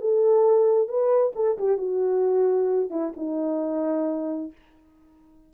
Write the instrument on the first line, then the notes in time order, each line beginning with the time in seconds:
horn
0.00 A4
0.88 B4
1.35 A4
1.58 G4
1.77 F#4
2.90 E4
3.16 D#4